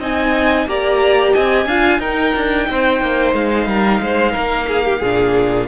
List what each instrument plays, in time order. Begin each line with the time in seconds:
0.00 cello C4, viola D#4, violin D#5 G#5
0.67 cello A#3, viola G4, violin D5 A#5
1.34 cello C4, violin D#5 G#5
1.66 cello D4, viola F4, violin F5
1.99 cello D#4, viola D#4, violin A#4 G5
2.36 cello D4
2.70 cello C4, violin C5
3.01 cello A#3
3.34 cello G#3, violin F5
3.67 cello G3, violin A#4
4.02 cello G#3, violin C5
4.33 cello A#3, violin A#4
4.68 violin G#4
4.85 violin G4
5.00 cello A#2, viola D4, violin G#4